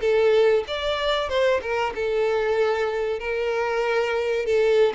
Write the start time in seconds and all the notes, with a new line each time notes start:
0.00 A4
0.67 D5
1.29 C5
1.61 A#4
1.95 A4
3.19 A#4
4.45 A4